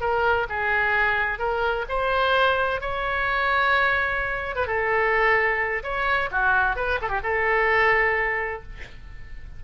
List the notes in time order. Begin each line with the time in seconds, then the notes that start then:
0.00 A#4
0.49 G#4
1.38 A#4
1.88 C5
2.81 C#5
4.55 B4
4.66 A4
5.83 C#5
6.31 F#4
6.76 B4
7.01 A4
7.08 G4
7.23 A4